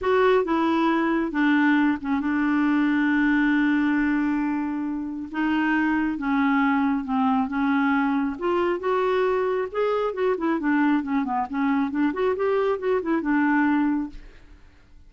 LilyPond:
\new Staff \with { instrumentName = "clarinet" } { \time 4/4 \tempo 4 = 136 fis'4 e'2 d'4~ | d'8 cis'8 d'2.~ | d'1 | dis'2 cis'2 |
c'4 cis'2 f'4 | fis'2 gis'4 fis'8 e'8 | d'4 cis'8 b8 cis'4 d'8 fis'8 | g'4 fis'8 e'8 d'2 | }